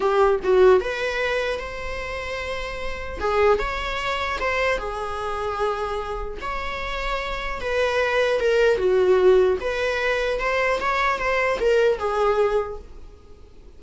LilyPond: \new Staff \with { instrumentName = "viola" } { \time 4/4 \tempo 4 = 150 g'4 fis'4 b'2 | c''1 | gis'4 cis''2 c''4 | gis'1 |
cis''2. b'4~ | b'4 ais'4 fis'2 | b'2 c''4 cis''4 | c''4 ais'4 gis'2 | }